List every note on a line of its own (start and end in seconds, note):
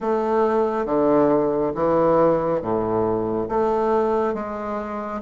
0.00 0.85 A3
0.85 1.72 D3
1.74 2.61 E3
2.61 3.48 A2
3.49 4.34 A3
4.34 5.21 G#3